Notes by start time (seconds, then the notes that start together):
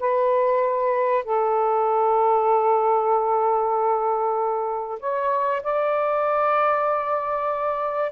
0.00 B4
1.24 A4
5.00 C#5
5.63 D5